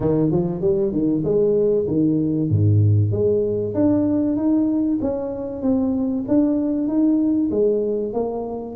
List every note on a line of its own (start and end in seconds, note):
0.00 0.31 D#3
0.31 0.61 F3
0.61 0.91 G3
0.91 1.23 D#3
1.24 1.87 G#3
1.88 2.50 D#3
2.50 3.11 G#2
3.11 3.74 G#3
3.74 4.36 D4
4.36 4.98 D#4
5.01 5.62 C#4
5.62 6.24 C4
6.28 6.87 D4
6.87 7.50 D#4
7.50 8.13 G#3
8.13 8.75 A#3